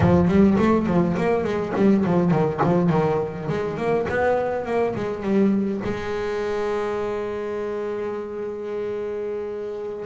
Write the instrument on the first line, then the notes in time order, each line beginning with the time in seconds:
double bass
0.00 F3
0.28 G3
0.58 A3
0.86 F3
1.17 A#3
1.44 G#3
1.75 G3
2.05 F3
2.31 D#3
2.63 F3
2.89 D#3
3.48 G#3
3.77 A#3
4.08 B3
4.65 A#3
4.95 G#3
5.22 G3
5.84 G#3